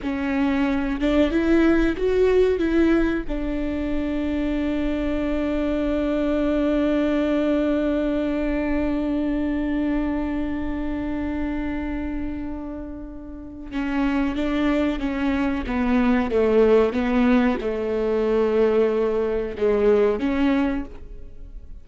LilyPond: \new Staff \with { instrumentName = "viola" } { \time 4/4 \tempo 4 = 92 cis'4. d'8 e'4 fis'4 | e'4 d'2.~ | d'1~ | d'1~ |
d'1~ | d'4 cis'4 d'4 cis'4 | b4 a4 b4 a4~ | a2 gis4 cis'4 | }